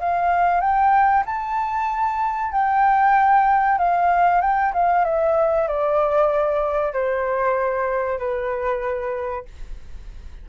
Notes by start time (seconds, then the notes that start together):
0.00 F5
0.61 G5
1.26 A5
2.52 G5
3.78 F5
4.41 G5
4.74 F5
5.05 E5
5.68 D5
6.93 C5
8.19 B4